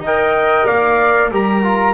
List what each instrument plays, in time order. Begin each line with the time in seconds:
0.00 double bass D#4, flute D#5
0.06 trombone A#4, trumpet G5
0.66 double bass A#3, flute D5, trumpet F5
1.31 double bass G3, trombone G4, flute A#4, trumpet A#5
1.64 trombone F4